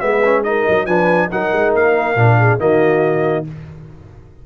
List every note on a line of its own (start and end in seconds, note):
0.00 0.66 G#3
0.00 0.22 B3
0.00 0.45 B4
0.00 0.43 E5
0.24 0.45 C#4
0.43 0.87 D#4
0.43 0.87 A#4
0.43 0.86 D#5
0.69 0.86 F#3
0.86 1.29 F3
0.86 1.30 D4
0.86 1.30 B4
0.86 1.29 G#5
1.31 1.53 F#3
1.31 2.16 D#4
1.31 2.39 A#4
1.31 1.74 F#5
1.53 1.74 G#3
1.74 2.16 A#3
1.74 2.60 F5
2.16 2.58 A#2
2.16 2.59 D4
2.39 2.60 G#4
2.59 3.46 D#3
2.59 3.45 A#3
2.59 3.46 F#4
2.59 3.45 D#5